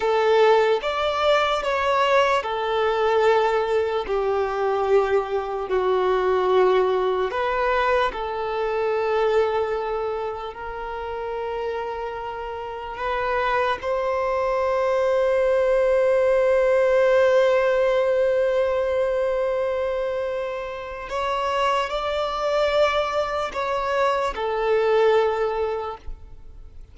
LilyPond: \new Staff \with { instrumentName = "violin" } { \time 4/4 \tempo 4 = 74 a'4 d''4 cis''4 a'4~ | a'4 g'2 fis'4~ | fis'4 b'4 a'2~ | a'4 ais'2. |
b'4 c''2.~ | c''1~ | c''2 cis''4 d''4~ | d''4 cis''4 a'2 | }